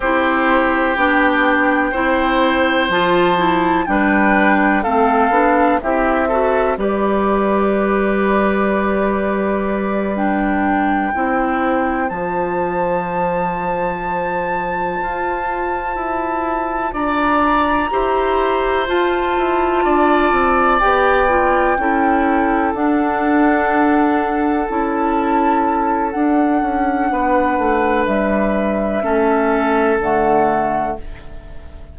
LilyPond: <<
  \new Staff \with { instrumentName = "flute" } { \time 4/4 \tempo 4 = 62 c''4 g''2 a''4 | g''4 f''4 e''4 d''4~ | d''2~ d''8 g''4.~ | g''8 a''2.~ a''8~ |
a''4. ais''2 a''8~ | a''4. g''2 fis''8~ | fis''4. a''4. fis''4~ | fis''4 e''2 fis''4 | }
  \new Staff \with { instrumentName = "oboe" } { \time 4/4 g'2 c''2 | b'4 a'4 g'8 a'8 b'4~ | b'2.~ b'8 c''8~ | c''1~ |
c''4. d''4 c''4.~ | c''8 d''2 a'4.~ | a'1 | b'2 a'2 | }
  \new Staff \with { instrumentName = "clarinet" } { \time 4/4 e'4 d'4 e'4 f'8 e'8 | d'4 c'8 d'8 e'8 fis'8 g'4~ | g'2~ g'8 d'4 e'8~ | e'8 f'2.~ f'8~ |
f'2~ f'8 g'4 f'8~ | f'4. g'8 f'8 e'4 d'8~ | d'4. e'4. d'4~ | d'2 cis'4 a4 | }
  \new Staff \with { instrumentName = "bassoon" } { \time 4/4 c'4 b4 c'4 f4 | g4 a8 b8 c'4 g4~ | g2.~ g8 c'8~ | c'8 f2. f'8~ |
f'8 e'4 d'4 e'4 f'8 | e'8 d'8 c'8 b4 cis'4 d'8~ | d'4. cis'4. d'8 cis'8 | b8 a8 g4 a4 d4 | }
>>